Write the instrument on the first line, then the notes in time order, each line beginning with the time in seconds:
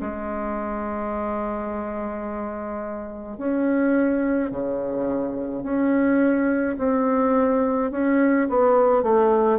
bassoon
0.00 G#3
3.38 C#4
4.51 C#3
5.63 C#4
6.78 C4
7.91 C#4
8.49 B3
9.03 A3